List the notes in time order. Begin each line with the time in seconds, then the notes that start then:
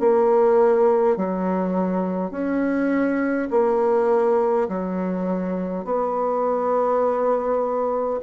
0.00 A#3
1.17 F#3
2.31 C#4
3.51 A#3
4.69 F#3
5.85 B3